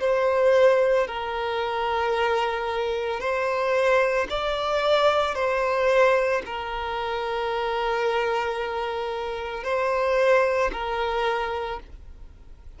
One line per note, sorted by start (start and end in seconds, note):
0.00 1.07 C5
1.07 3.19 A#4
3.19 4.27 C5
4.29 5.35 D5
5.35 6.42 C5
6.45 9.63 A#4
9.63 10.70 C5
10.72 11.79 A#4